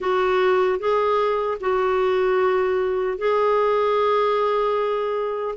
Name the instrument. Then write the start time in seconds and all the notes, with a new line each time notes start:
clarinet
0.00 F#4
0.79 G#4
1.60 F#4
3.18 G#4